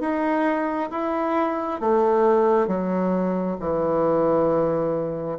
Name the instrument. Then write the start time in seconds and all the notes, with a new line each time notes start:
bassoon
0.00 D#4
0.90 E4
1.80 A3
2.67 F#3
3.59 E3